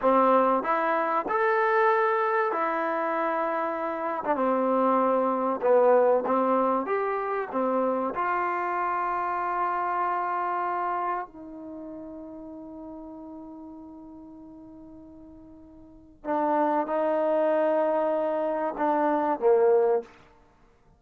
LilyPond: \new Staff \with { instrumentName = "trombone" } { \time 4/4 \tempo 4 = 96 c'4 e'4 a'2 | e'2~ e'8. d'16 c'4~ | c'4 b4 c'4 g'4 | c'4 f'2.~ |
f'2 dis'2~ | dis'1~ | dis'2 d'4 dis'4~ | dis'2 d'4 ais4 | }